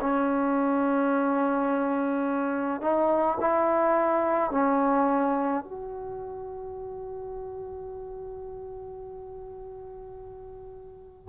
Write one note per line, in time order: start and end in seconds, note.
0.00 2.81 C#4
2.81 3.38 D#4
3.40 4.50 E4
4.50 5.63 C#4
5.64 11.28 F#4